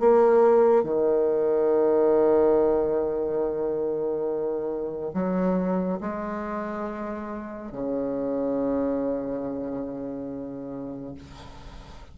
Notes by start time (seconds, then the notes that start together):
0.00 A#3
0.84 D#3
5.14 F#3
6.00 G#3
7.72 C#3